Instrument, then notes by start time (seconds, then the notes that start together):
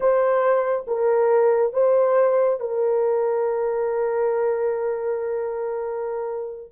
horn
0.00 C5
0.87 A#4
1.73 C5
2.60 A#4